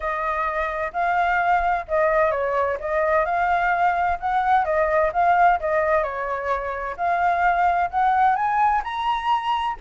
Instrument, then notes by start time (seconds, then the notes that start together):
flute
0.00 D#5
0.93 F5
1.88 D#5
2.31 C#5
2.80 D#5
3.25 F5
4.20 F#5
4.64 D#5
5.13 F5
5.60 D#5
6.03 C#5
6.96 F5
7.90 F#5
8.35 G#5
8.84 A#5